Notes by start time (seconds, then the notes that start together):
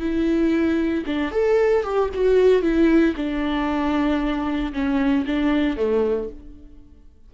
0.00 E4
1.06 D4
1.32 A4
1.84 G4
2.14 F#4
2.63 E4
3.16 D4
4.73 C#4
5.26 D4
5.77 A3